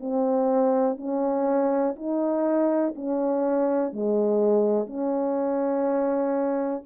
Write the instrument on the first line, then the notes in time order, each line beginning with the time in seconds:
horn
0.00 C4
0.97 C#4
1.95 D#4
2.95 C#4
3.92 G#3
4.86 C#4